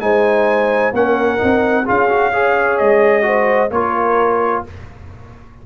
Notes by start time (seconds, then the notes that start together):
0.00 G#3 D#4 C5 G#5
0.92 A#3 C#4 A#4 F#5
1.37 C4 D#4
1.84 C#4 F4 G#4 F5
2.09 F#4
2.32 G#4 C#5
2.77 G#3 D#5
3.21 F#4 C5
3.69 A#3 F4 A#4 C#5